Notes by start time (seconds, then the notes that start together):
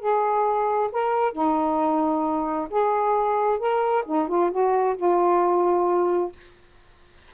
0.00 G#4
0.92 A#4
1.33 D#4
2.70 G#4
3.59 A#4
4.06 D#4
4.28 F4
4.51 F#4
4.97 F4